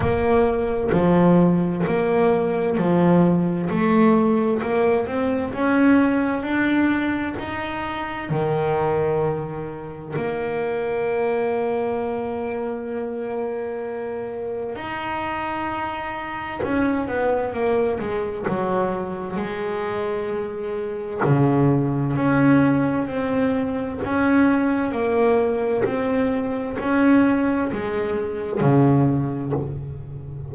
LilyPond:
\new Staff \with { instrumentName = "double bass" } { \time 4/4 \tempo 4 = 65 ais4 f4 ais4 f4 | a4 ais8 c'8 cis'4 d'4 | dis'4 dis2 ais4~ | ais1 |
dis'2 cis'8 b8 ais8 gis8 | fis4 gis2 cis4 | cis'4 c'4 cis'4 ais4 | c'4 cis'4 gis4 cis4 | }